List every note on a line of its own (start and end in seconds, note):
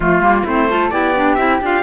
0.00 0.20 F3
0.00 0.22 A3
0.00 0.44 F4
0.20 0.43 G3
0.20 0.46 A#3
0.44 0.91 A3
0.44 0.69 C4
0.44 0.67 E4
0.44 0.90 C5
0.69 0.91 F4
0.69 0.92 A4
0.90 1.37 B3
0.90 1.14 E4
0.90 1.82 G4
0.90 1.34 D5
1.15 1.38 D4
1.34 1.60 C4
1.34 1.61 E4
1.34 1.57 E5
1.61 1.82 D4
1.61 1.82 F4
1.61 1.82 F5